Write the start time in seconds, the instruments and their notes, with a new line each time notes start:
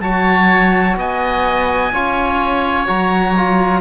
0.00 cello F#3, trombone F#4, oboe C#5 A5
0.96 cello B3, oboe D#5 G#5
1.93 cello C#4, trombone F4, oboe C#5
2.86 cello F#3, trombone F#4, oboe A#5
3.36 trombone F4